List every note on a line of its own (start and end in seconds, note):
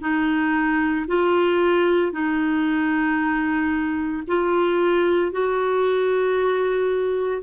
0.00 1.05 D#4
1.07 2.12 F4
2.12 4.22 D#4
4.27 5.32 F4
5.32 7.42 F#4